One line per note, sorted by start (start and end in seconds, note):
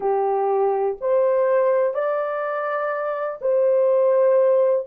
0.00 0.97 G4
1.00 1.94 C5
1.94 3.39 D5
3.41 4.86 C5